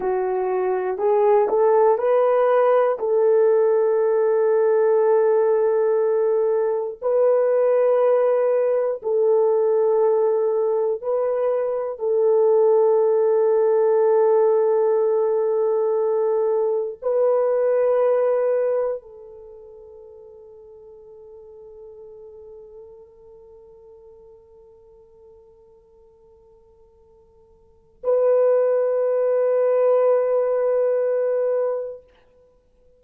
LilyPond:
\new Staff \with { instrumentName = "horn" } { \time 4/4 \tempo 4 = 60 fis'4 gis'8 a'8 b'4 a'4~ | a'2. b'4~ | b'4 a'2 b'4 | a'1~ |
a'4 b'2 a'4~ | a'1~ | a'1 | b'1 | }